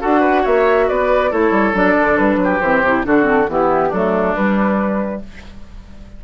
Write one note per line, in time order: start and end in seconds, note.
0.00 0.46 D4
0.00 1.30 F#4
0.00 0.20 A4
0.00 0.45 F#5
0.20 0.42 B4
0.42 0.89 A#3
0.42 0.85 C#5
0.42 0.89 E5
0.88 1.32 B3
0.88 1.31 B4
0.88 1.32 D5
1.30 1.51 A3
1.30 1.73 E4
1.30 2.39 A4
1.30 1.75 C#5
1.51 1.73 G3
1.73 1.95 F#3
1.73 2.60 D4
1.73 2.18 D5
2.01 2.19 D3
2.18 2.37 G3
2.18 2.60 B4
2.37 2.58 F#3
2.43 3.06 G4
2.60 2.82 E3
2.60 2.85 C4
2.60 3.03 C5
2.82 3.04 C3
2.82 3.04 E4
3.04 3.48 D3
3.04 3.23 D4
3.04 3.50 F#4
3.04 3.49 A4
3.23 3.45 C4
3.48 3.92 E3
3.48 3.92 B3
3.48 3.88 E4
3.48 3.93 G4
3.88 4.36 F#3
3.88 4.37 A3
3.88 5.19 D4
3.88 4.35 A4
4.35 5.23 G3
4.35 5.24 G3
4.35 5.22 B4